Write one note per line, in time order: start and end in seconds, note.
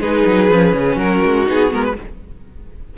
0.00 0.24 G#3
0.00 0.50 D#4
0.00 0.97 G#4
0.00 0.98 B4
0.26 0.50 F#3
0.50 0.72 F3
0.50 1.46 C#4
0.72 0.96 C#3
0.96 1.20 F#3
0.96 1.94 F#4
0.96 1.47 A#4
1.24 1.48 G#3
1.46 1.73 B3
1.46 1.70 D#4
1.46 1.73 G#4
1.70 1.98 G#3
1.70 1.95 B3
1.70 1.84 A#4
1.84 1.96 B4